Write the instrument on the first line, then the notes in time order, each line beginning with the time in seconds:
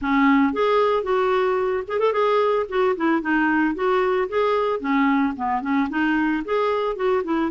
clarinet
0.01 C#4
0.53 G#4
1.03 F#4
1.87 G#4
1.99 A4
2.12 G#4
2.68 F#4
2.96 E4
3.21 D#4
3.74 F#4
4.29 G#4
4.80 C#4
5.36 B3
5.61 C#4
5.89 D#4
6.45 G#4
6.95 F#4
7.23 E4